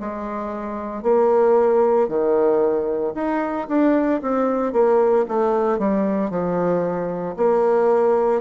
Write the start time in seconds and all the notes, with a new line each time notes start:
0.00 G#3
1.03 A#3
2.08 D#3
3.15 D#4
3.68 D4
4.22 C4
4.73 A#3
5.29 A3
5.79 G3
6.31 F3
7.37 A#3